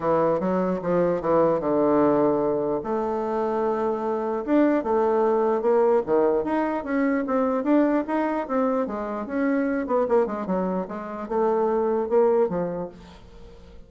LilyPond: \new Staff \with { instrumentName = "bassoon" } { \time 4/4 \tempo 4 = 149 e4 fis4 f4 e4 | d2. a4~ | a2. d'4 | a2 ais4 dis4 |
dis'4 cis'4 c'4 d'4 | dis'4 c'4 gis4 cis'4~ | cis'8 b8 ais8 gis8 fis4 gis4 | a2 ais4 f4 | }